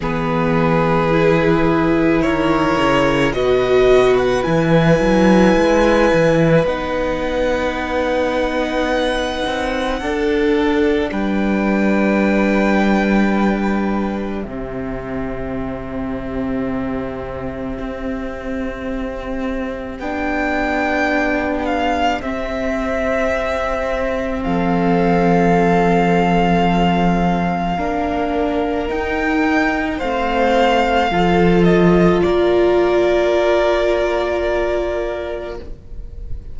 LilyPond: <<
  \new Staff \with { instrumentName = "violin" } { \time 4/4 \tempo 4 = 54 b'2 cis''4 dis''8. fis''16 | gis''2 fis''2~ | fis''2 g''2~ | g''4 e''2.~ |
e''2 g''4. f''8 | e''2 f''2~ | f''2 g''4 f''4~ | f''8 dis''8 d''2. | }
  \new Staff \with { instrumentName = "violin" } { \time 4/4 gis'2 ais'4 b'4~ | b'1~ | b'4 a'4 b'2~ | b'4 g'2.~ |
g'1~ | g'2 a'2~ | a'4 ais'2 c''4 | a'4 ais'2. | }
  \new Staff \with { instrumentName = "viola" } { \time 4/4 b4 e'2 fis'4 | e'2 dis'2~ | dis'4 d'2.~ | d'4 c'2.~ |
c'2 d'2 | c'1~ | c'4 d'4 dis'4 c'4 | f'1 | }
  \new Staff \with { instrumentName = "cello" } { \time 4/4 e2 dis8 cis8 b,4 | e8 fis8 gis8 e8 b2~ | b8 c'8 d'4 g2~ | g4 c2. |
c'2 b2 | c'2 f2~ | f4 ais4 dis'4 a4 | f4 ais2. | }
>>